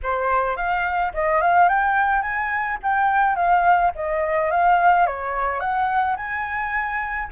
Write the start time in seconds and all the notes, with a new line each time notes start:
0.02 C5
0.56 F5
1.13 D#5
1.41 F5
1.68 G5
2.21 G#5
2.82 G5
3.35 F5
3.95 D#5
4.50 F5
5.06 C#5
5.60 F#5
6.16 G#5